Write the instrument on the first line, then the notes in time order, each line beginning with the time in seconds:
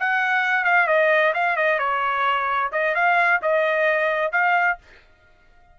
trumpet
0.00 F#5
0.65 F5
0.88 D#5
1.34 F5
1.57 D#5
1.79 C#5
2.73 D#5
2.95 F5
3.42 D#5
4.32 F5